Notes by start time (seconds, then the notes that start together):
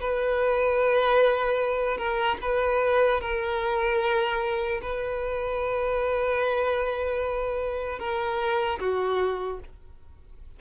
0.00 B4
1.97 A#4
2.41 B4
3.20 A#4
4.82 B4
7.99 A#4
8.79 F#4